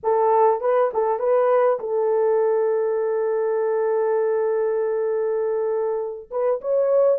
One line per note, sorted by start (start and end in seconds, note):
0.03 0.61 A4
0.61 0.91 B4
0.93 1.19 A4
1.19 1.79 B4
1.79 6.29 A4
6.30 6.60 B4
6.61 7.18 C#5